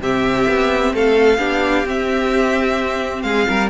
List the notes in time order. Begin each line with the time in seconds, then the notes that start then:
0.00 C3 C4 G4 E5
0.48 B3
0.93 A3 A4 F5
1.38 B3 D4 G4
1.85 C4 E5
3.23 G#3 G#4 F5
3.48 G3 A#4